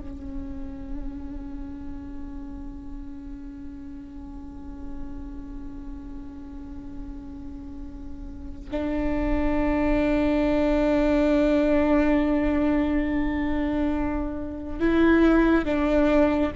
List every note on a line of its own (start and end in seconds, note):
0.00 8.70 C#4
8.71 14.79 D4
14.79 15.65 E4
15.65 16.52 D4